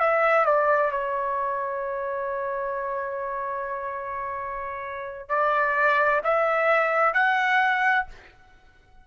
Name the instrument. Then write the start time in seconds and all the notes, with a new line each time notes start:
trumpet
0.00 E5
0.45 D5
0.91 C#5
5.29 D5
6.24 E5
7.14 F#5